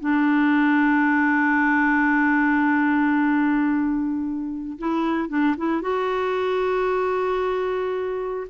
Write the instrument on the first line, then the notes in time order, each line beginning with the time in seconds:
clarinet
0.00 D4
4.78 E4
5.29 D4
5.57 E4
5.82 F#4